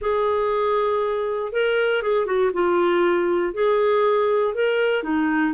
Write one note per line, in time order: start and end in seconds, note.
0.01 1.52 G#4
1.52 2.02 A#4
2.02 2.26 G#4
2.26 2.51 F#4
2.53 3.53 F4
3.53 4.54 G#4
4.54 5.03 A#4
5.03 5.53 D#4